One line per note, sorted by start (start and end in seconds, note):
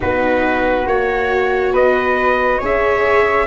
0.00 0.86 B3
0.00 0.85 D#4
0.00 1.72 F#4
0.00 0.87 B4
0.86 1.72 A#3
0.86 2.60 F#4
0.86 1.74 C#5
1.72 2.59 B3
1.72 2.58 B4
1.72 2.62 D#5
2.58 3.46 C#4
2.58 3.46 G#4
2.58 3.45 C#5
2.64 3.46 E5